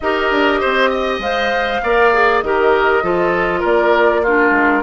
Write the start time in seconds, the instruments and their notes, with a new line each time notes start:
0.00 bassoon D#4, clarinet G4, oboe A#4, flute D#5
0.31 bassoon D4
0.60 bassoon C4, oboe C5
0.90 oboe D#5
1.19 bassoon G#3, clarinet C5, flute F5
1.83 bassoon A#3, clarinet A#4, oboe D5
2.13 clarinet G#4
2.41 bassoon D#3, clarinet G4, oboe A#4, flute D#5
3.02 bassoon F3, clarinet F4, oboe A4
3.60 bassoon A#3, oboe A#4, flute D5
4.22 clarinet D4, oboe F4, flute A#4
4.51 bassoon G#3